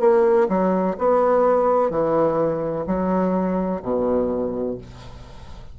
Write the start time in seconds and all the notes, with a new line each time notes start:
0.00 A#3
0.48 F#3
0.98 B3
1.90 E3
2.87 F#3
3.82 B2